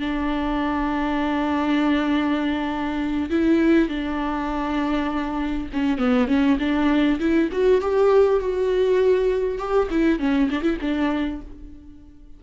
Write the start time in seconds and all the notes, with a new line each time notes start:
0.00 D4
3.30 E4
3.89 D4
5.73 C#4
5.98 B3
6.28 C#4
6.59 D4
7.19 E4
7.52 F#4
7.81 G4
8.40 F#4
9.58 G4
9.91 E4
10.19 C#4
10.51 D4
10.63 E4
10.81 D4